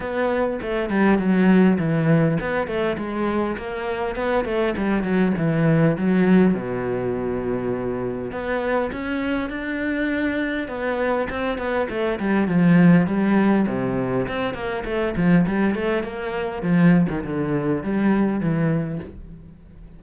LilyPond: \new Staff \with { instrumentName = "cello" } { \time 4/4 \tempo 4 = 101 b4 a8 g8 fis4 e4 | b8 a8 gis4 ais4 b8 a8 | g8 fis8 e4 fis4 b,4~ | b,2 b4 cis'4 |
d'2 b4 c'8 b8 | a8 g8 f4 g4 c4 | c'8 ais8 a8 f8 g8 a8 ais4 | f8. dis16 d4 g4 e4 | }